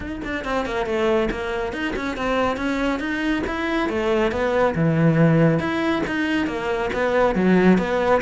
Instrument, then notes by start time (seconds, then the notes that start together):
cello
0.00 D#4
0.24 D4
0.44 C4
0.65 A#3
0.86 A3
1.31 A#3
1.72 D#4
1.95 C#4
2.16 C4
2.56 C#4
2.99 D#4
3.46 E4
3.89 A3
4.31 B3
4.75 E3
5.59 E4
6.06 D#4
6.46 A#3
6.93 B3
7.35 F#3
7.78 B3